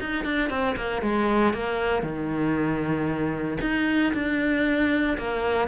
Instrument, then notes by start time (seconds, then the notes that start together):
cello
0.00 D#4
0.24 D4
0.49 C4
0.76 A#3
1.02 G#3
1.53 A#3
2.02 D#3
3.61 D#4
4.14 D4
5.17 A#3